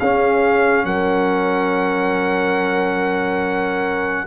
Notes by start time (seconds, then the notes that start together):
0.00 C#4 G#4 F5
0.85 F#3 A#4 F#5